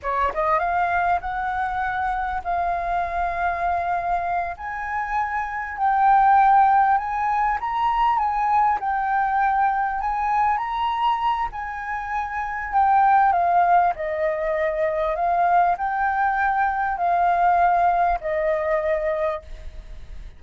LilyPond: \new Staff \with { instrumentName = "flute" } { \time 4/4 \tempo 4 = 99 cis''8 dis''8 f''4 fis''2 | f''2.~ f''8 gis''8~ | gis''4. g''2 gis''8~ | gis''8 ais''4 gis''4 g''4.~ |
g''8 gis''4 ais''4. gis''4~ | gis''4 g''4 f''4 dis''4~ | dis''4 f''4 g''2 | f''2 dis''2 | }